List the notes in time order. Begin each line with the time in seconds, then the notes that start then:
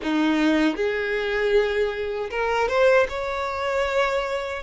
0.02 D#4
0.76 G#4
2.30 A#4
2.68 C5
3.08 C#5